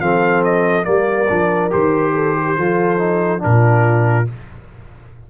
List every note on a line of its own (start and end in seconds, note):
0.00 0.86 F3
0.00 0.83 C4
0.00 0.87 A4
0.00 0.43 F5
0.44 0.85 D#5
0.83 1.30 G3
0.83 1.26 A#3
0.83 2.14 A#4
0.83 1.71 D5
1.29 1.73 F3
1.29 1.71 D4
1.71 2.58 D#3
1.71 2.56 G4
1.71 3.43 C5
2.14 2.35 A4
2.35 2.57 G4
2.57 3.44 F3
2.57 2.99 F4
2.57 3.43 A4
2.99 3.39 D#4
3.39 4.31 A#2
3.39 4.25 D4
3.39 4.30 F4
3.39 4.29 A#4